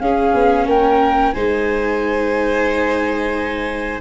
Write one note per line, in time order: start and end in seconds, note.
0.00 0.33 C#4
0.00 1.35 C#4
0.00 0.68 G#4
0.00 0.67 F5
0.34 0.66 B3
0.66 1.33 A#3
0.66 1.34 A#4
0.66 1.33 G5
1.33 4.01 G#3
1.33 4.01 D#4
1.33 4.01 C5
1.33 3.99 G#5